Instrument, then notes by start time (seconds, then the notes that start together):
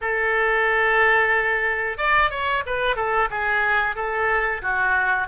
oboe
0.01 A4
1.98 D5
2.30 C#5
2.66 B4
2.96 A4
3.30 G#4
3.95 A4
4.62 F#4